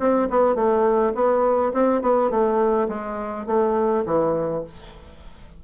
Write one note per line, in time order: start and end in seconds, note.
0.00 0.29 C4
0.31 0.56 B3
0.56 1.13 A3
1.15 1.73 B3
1.74 2.02 C4
2.02 2.31 B3
2.31 2.88 A3
2.89 3.47 G#3
3.47 4.05 A3
4.06 4.64 E3